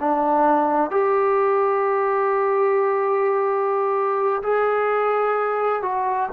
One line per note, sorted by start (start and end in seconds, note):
0.00 0.91 D4
0.91 4.42 G4
4.43 5.83 G#4
5.83 6.29 F#4